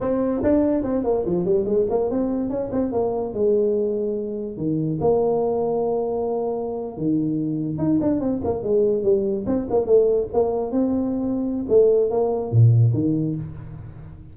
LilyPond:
\new Staff \with { instrumentName = "tuba" } { \time 4/4 \tempo 4 = 144 c'4 d'4 c'8 ais8 f8 g8 | gis8 ais8 c'4 cis'8 c'8 ais4 | gis2. dis4 | ais1~ |
ais8. dis2 dis'8 d'8 c'16~ | c'16 ais8 gis4 g4 c'8 ais8 a16~ | a8. ais4 c'2~ c'16 | a4 ais4 ais,4 dis4 | }